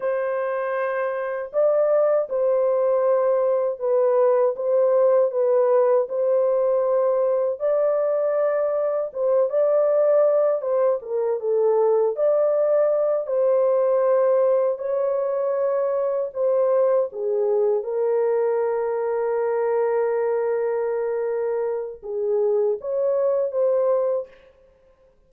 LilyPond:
\new Staff \with { instrumentName = "horn" } { \time 4/4 \tempo 4 = 79 c''2 d''4 c''4~ | c''4 b'4 c''4 b'4 | c''2 d''2 | c''8 d''4. c''8 ais'8 a'4 |
d''4. c''2 cis''8~ | cis''4. c''4 gis'4 ais'8~ | ais'1~ | ais'4 gis'4 cis''4 c''4 | }